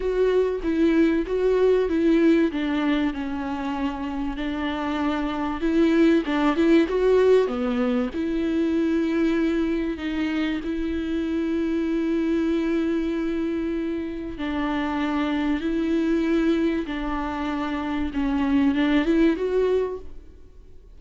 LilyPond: \new Staff \with { instrumentName = "viola" } { \time 4/4 \tempo 4 = 96 fis'4 e'4 fis'4 e'4 | d'4 cis'2 d'4~ | d'4 e'4 d'8 e'8 fis'4 | b4 e'2. |
dis'4 e'2.~ | e'2. d'4~ | d'4 e'2 d'4~ | d'4 cis'4 d'8 e'8 fis'4 | }